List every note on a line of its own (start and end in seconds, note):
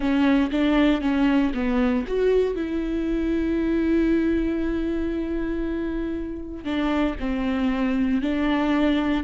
0.00 0.50 C#4
0.51 1.01 D4
1.01 1.52 C#4
1.53 2.05 B3
2.07 2.55 F#4
2.55 6.64 E4
6.64 7.15 D4
7.19 8.21 C4
8.21 9.23 D4